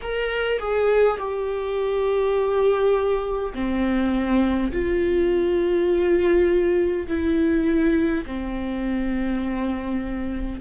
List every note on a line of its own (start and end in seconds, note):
0.02 0.58 A#4
0.58 1.17 G#4
1.18 3.53 G4
3.53 4.71 C4
4.72 7.07 F4
7.07 8.25 E4
8.26 10.60 C4